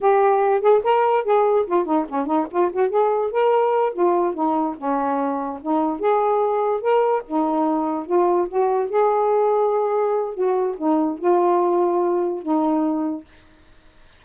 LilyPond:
\new Staff \with { instrumentName = "saxophone" } { \time 4/4 \tempo 4 = 145 g'4. gis'8 ais'4 gis'4 | f'8 dis'8 cis'8 dis'8 f'8 fis'8 gis'4 | ais'4. f'4 dis'4 cis'8~ | cis'4. dis'4 gis'4.~ |
gis'8 ais'4 dis'2 f'8~ | f'8 fis'4 gis'2~ gis'8~ | gis'4 fis'4 dis'4 f'4~ | f'2 dis'2 | }